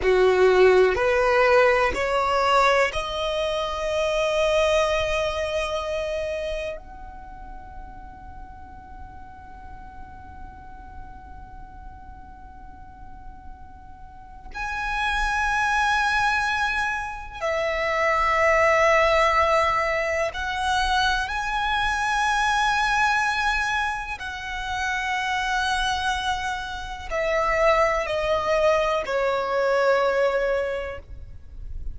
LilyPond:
\new Staff \with { instrumentName = "violin" } { \time 4/4 \tempo 4 = 62 fis'4 b'4 cis''4 dis''4~ | dis''2. fis''4~ | fis''1~ | fis''2. gis''4~ |
gis''2 e''2~ | e''4 fis''4 gis''2~ | gis''4 fis''2. | e''4 dis''4 cis''2 | }